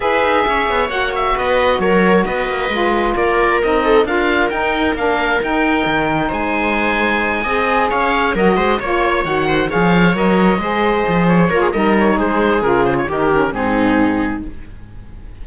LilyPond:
<<
  \new Staff \with { instrumentName = "oboe" } { \time 4/4 \tempo 4 = 133 e''2 fis''8 e''8 dis''4 | cis''4 dis''2 d''4 | dis''4 f''4 g''4 f''4 | g''2 gis''2~ |
gis''4. f''4 dis''4 cis''8~ | cis''8 fis''4 f''4 dis''4.~ | dis''4 cis''4 dis''8 cis''8 c''4 | ais'8 c''16 cis''16 ais'4 gis'2 | }
  \new Staff \with { instrumentName = "viola" } { \time 4/4 b'4 cis''2 b'4 | ais'4 b'2 ais'4~ | ais'8 a'8 ais'2.~ | ais'2 c''2~ |
c''8 dis''4 cis''4 ais'8 c''8 cis''8~ | cis''4 c''8 cis''2 c''8~ | c''4. ais'16 gis'16 ais'4 gis'4~ | gis'4 g'4 dis'2 | }
  \new Staff \with { instrumentName = "saxophone" } { \time 4/4 gis'2 fis'2~ | fis'2 f'2 | dis'4 f'4 dis'4 d'4 | dis'1~ |
dis'8 gis'2 fis'4 f'8~ | f'8 fis'4 gis'4 ais'4 gis'8~ | gis'4. f'8 dis'2 | f'4 dis'8 cis'8 c'2 | }
  \new Staff \with { instrumentName = "cello" } { \time 4/4 e'8 dis'8 cis'8 b8 ais4 b4 | fis4 b8 ais8 gis4 ais4 | c'4 d'4 dis'4 ais4 | dis'4 dis4 gis2~ |
gis8 c'4 cis'4 fis8 gis8 ais8~ | ais8 dis4 f4 fis4 gis8~ | gis8 f4 ais8 g4 gis4 | cis4 dis4 gis,2 | }
>>